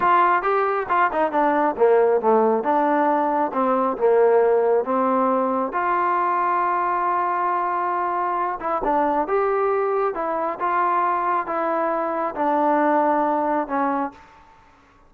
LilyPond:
\new Staff \with { instrumentName = "trombone" } { \time 4/4 \tempo 4 = 136 f'4 g'4 f'8 dis'8 d'4 | ais4 a4 d'2 | c'4 ais2 c'4~ | c'4 f'2.~ |
f'2.~ f'8 e'8 | d'4 g'2 e'4 | f'2 e'2 | d'2. cis'4 | }